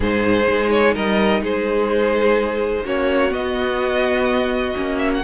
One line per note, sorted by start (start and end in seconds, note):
0.00 0.47 G#2
0.00 2.85 D#4
0.00 0.94 G#4
0.00 0.70 C5
0.47 0.95 G#3
0.70 0.94 C#5
0.94 1.41 G3
0.94 1.42 A#4
0.94 1.43 D#5
1.41 2.84 G#3
1.41 2.84 G#4
1.41 2.86 C5
2.84 3.32 A#3
2.84 3.30 C#4
2.84 5.22 F#4
2.84 3.33 C#5
3.30 4.73 B3
3.30 4.74 B3
3.30 4.98 D#5
4.76 5.24 A#3
4.76 5.23 C#4
4.98 5.10 E5
5.14 5.24 F#5